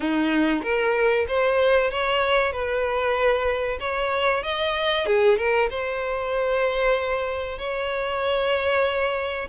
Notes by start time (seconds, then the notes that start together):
0.00 D#4
0.62 A#4
1.27 C5
1.90 C#5
2.52 B4
3.80 C#5
4.43 D#5
5.06 G#4
5.37 A#4
5.70 C5
7.58 C#5